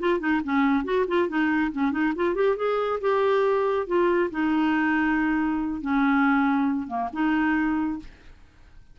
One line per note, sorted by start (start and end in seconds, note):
0.00 0.20 F4
0.20 0.41 D#4
0.44 0.85 C#4
0.85 1.06 F#4
1.08 1.29 F4
1.29 1.72 D#4
1.72 1.92 C#4
1.92 2.14 D#4
2.16 2.35 F4
2.35 2.57 G4
2.57 3.00 G#4
3.01 3.87 G4
3.87 4.30 F4
4.31 5.82 D#4
5.82 6.88 C#4
6.88 7.09 A#3
7.13 8.00 D#4